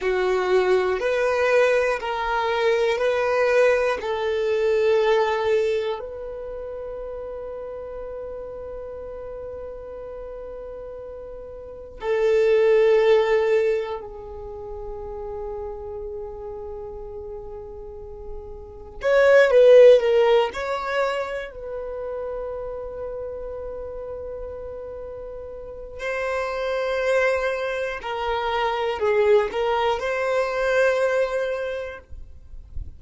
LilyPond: \new Staff \with { instrumentName = "violin" } { \time 4/4 \tempo 4 = 60 fis'4 b'4 ais'4 b'4 | a'2 b'2~ | b'1 | a'2 gis'2~ |
gis'2. cis''8 b'8 | ais'8 cis''4 b'2~ b'8~ | b'2 c''2 | ais'4 gis'8 ais'8 c''2 | }